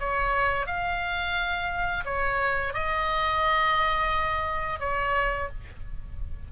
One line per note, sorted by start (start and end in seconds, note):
0.00 0.67 C#5
0.67 2.05 F5
2.05 2.74 C#5
2.74 4.80 D#5
4.80 5.49 C#5